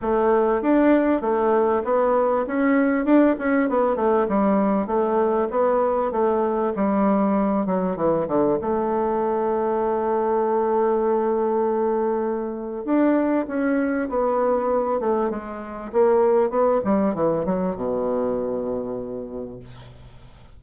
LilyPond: \new Staff \with { instrumentName = "bassoon" } { \time 4/4 \tempo 4 = 98 a4 d'4 a4 b4 | cis'4 d'8 cis'8 b8 a8 g4 | a4 b4 a4 g4~ | g8 fis8 e8 d8 a2~ |
a1~ | a4 d'4 cis'4 b4~ | b8 a8 gis4 ais4 b8 g8 | e8 fis8 b,2. | }